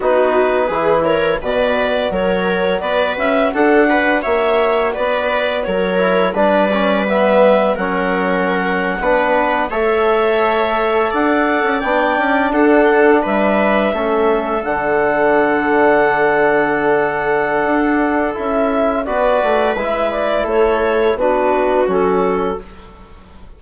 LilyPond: <<
  \new Staff \with { instrumentName = "clarinet" } { \time 4/4 \tempo 4 = 85 b'4. cis''8 d''4 cis''4 | d''8 e''8 fis''4 e''4 d''4 | cis''4 d''4 e''4 fis''4~ | fis''4.~ fis''16 e''2 fis''16~ |
fis''8. g''4 fis''4 e''4~ e''16~ | e''8. fis''2.~ fis''16~ | fis''2 e''4 d''4 | e''8 d''8 cis''4 b'4 a'4 | }
  \new Staff \with { instrumentName = "viola" } { \time 4/4 fis'4 gis'8 ais'8 b'4 ais'4 | b'4 a'8 b'8 cis''4 b'4 | ais'4 b'2 ais'4~ | ais'8. b'4 cis''2 d''16~ |
d''4.~ d''16 a'4 b'4 a'16~ | a'1~ | a'2. b'4~ | b'4 a'4 fis'2 | }
  \new Staff \with { instrumentName = "trombone" } { \time 4/4 dis'4 e'4 fis'2~ | fis'1~ | fis'8 e'8 d'8 cis'8 b4 cis'4~ | cis'8. d'4 a'2~ a'16~ |
a'8. d'2. cis'16~ | cis'8. d'2.~ d'16~ | d'2 e'4 fis'4 | e'2 d'4 cis'4 | }
  \new Staff \with { instrumentName = "bassoon" } { \time 4/4 b4 e4 b,4 fis4 | b8 cis'8 d'4 ais4 b4 | fis4 g2 fis4~ | fis8. b4 a2 d'16~ |
d'8 cis'16 b8 cis'8 d'4 g4 a16~ | a8. d2.~ d16~ | d4 d'4 cis'4 b8 a8 | gis4 a4 b4 fis4 | }
>>